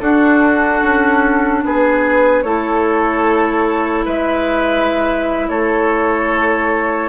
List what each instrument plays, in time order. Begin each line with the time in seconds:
0.00 bassoon D4, clarinet D4, oboe F#4, flute A4
0.83 bassoon C#4
1.65 bassoon B3, oboe G#4, flute B4
2.42 bassoon A3, clarinet E4, oboe A4, flute C#5
4.05 bassoon G#3, oboe B4, flute E5
5.49 bassoon A3, oboe A4, flute C#5